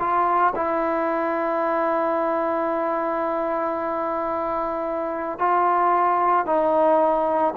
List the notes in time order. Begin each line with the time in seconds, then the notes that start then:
0.00 F4
0.56 E4
5.39 F4
6.46 D#4